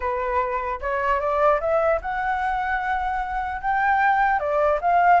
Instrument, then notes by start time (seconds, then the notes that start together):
flute
0.00 B4
0.81 C#5
1.19 D5
1.60 E5
2.01 F#5
3.61 G5
4.39 D5
4.81 F5